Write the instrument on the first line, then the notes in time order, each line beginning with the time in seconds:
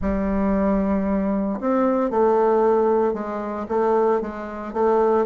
bassoon
0.01 G3
1.60 C4
2.10 A3
3.13 G#3
3.68 A3
4.21 G#3
4.73 A3